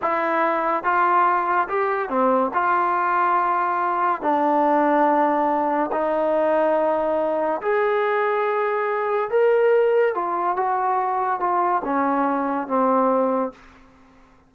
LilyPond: \new Staff \with { instrumentName = "trombone" } { \time 4/4 \tempo 4 = 142 e'2 f'2 | g'4 c'4 f'2~ | f'2 d'2~ | d'2 dis'2~ |
dis'2 gis'2~ | gis'2 ais'2 | f'4 fis'2 f'4 | cis'2 c'2 | }